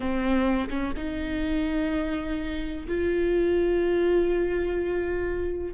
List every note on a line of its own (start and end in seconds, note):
0.00 0.68 C4
0.69 0.93 C#4
0.96 2.86 D#4
2.87 5.73 F4